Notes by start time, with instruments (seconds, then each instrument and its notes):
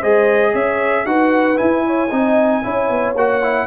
0.00 tuba G#3, trombone G#4, horn C5, trumpet D#5
0.52 tuba C#4, horn C#5, trumpet E5
1.06 tuba D#4, trombone F#4, horn B4, trumpet F#5
1.56 trombone E4, tuba E4, trumpet G#5
1.86 horn C#5
2.10 tuba C4, trombone D#4, horn D#5
2.63 tuba C#4, trombone E4, horn C#5
2.90 tuba B3
3.15 tuba A#3, trombone F#4, trumpet F#5
3.43 trombone E4